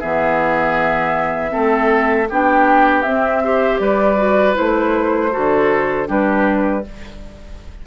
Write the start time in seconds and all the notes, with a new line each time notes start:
0.00 E3 B3 G#4 E5
1.50 A3 C4 A4
2.30 B3 D4 G4 G5
3.03 C4 E5
3.44 G4 C5
3.80 G3 B4 D5
4.18 F#4
4.55 A3 E4 C5
5.32 D3 F#4 A4
6.06 G3 D4 G4 B4